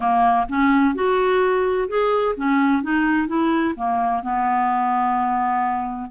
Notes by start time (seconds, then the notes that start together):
0.00 A#3
0.48 C#4
0.94 F#4
1.88 G#4
2.36 C#4
2.83 D#4
3.27 E4
3.76 A#3
4.23 B3